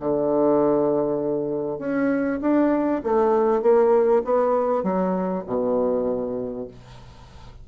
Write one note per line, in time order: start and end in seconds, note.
0.00 1.79 D3
1.79 2.39 C#4
2.41 3.01 D4
3.03 3.62 A3
3.62 4.22 A#3
4.24 4.83 B3
4.83 5.44 F#3
5.46 6.67 B2